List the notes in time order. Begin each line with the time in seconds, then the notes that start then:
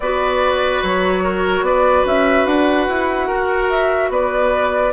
0.00 B3 F#4 B4 D5
0.82 F#3 C#5
1.23 A#4
1.61 B3 B4 D5
2.05 C#4 E5
2.45 D4 F#5
2.88 E4
3.27 F#4 A#4
3.69 E5
4.09 B3 B4 D5